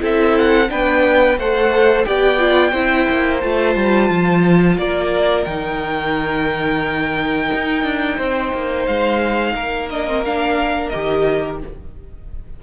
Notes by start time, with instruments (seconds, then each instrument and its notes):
0.00 cello C4, viola E4, violin A4 E5
0.39 violin F#5
0.69 cello B3, viola D4, violin B4 G5
1.38 cello A3, viola A4, violin C5 F#5
2.05 cello B3, viola G4, violin D5 G5
2.39 viola F4
2.72 cello C4, viola E4, violin C5
3.09 cello A#3
3.41 cello A3, viola F4, violin A5
3.76 cello G3
4.10 cello F3
4.78 cello A#3, violin A#4 D5
5.45 cello D#3, viola D#4, violin G5
7.55 cello D#4
7.84 cello D4
8.17 cello C4, violin C5
8.54 cello A#3
8.87 cello G#3, violin F5
9.55 cello A#3, violin A#4
9.91 viola D4, violin D#5
10.08 viola C4
10.25 viola D4, violin F5
10.89 cello D#3, viola G4, violin D#5